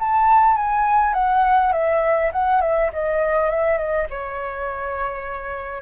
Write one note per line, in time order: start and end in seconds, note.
0.00 0.57 A5
0.57 1.14 G#5
1.14 1.73 F#5
1.73 2.32 E5
2.32 2.61 F#5
2.61 2.91 E5
2.93 3.50 D#5
3.50 3.78 E5
3.78 4.07 D#5
4.10 5.82 C#5